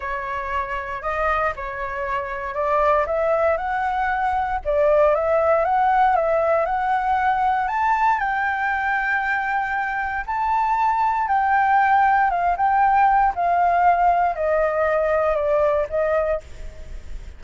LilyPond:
\new Staff \with { instrumentName = "flute" } { \time 4/4 \tempo 4 = 117 cis''2 dis''4 cis''4~ | cis''4 d''4 e''4 fis''4~ | fis''4 d''4 e''4 fis''4 | e''4 fis''2 a''4 |
g''1 | a''2 g''2 | f''8 g''4. f''2 | dis''2 d''4 dis''4 | }